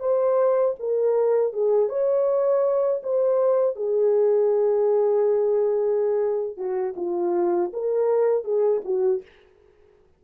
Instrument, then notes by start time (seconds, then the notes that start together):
horn
0.00 C5
0.79 A#4
1.53 G#4
1.89 C#5
3.03 C5
3.76 G#4
6.57 F#4
6.96 F4
7.73 A#4
8.44 G#4
8.85 F#4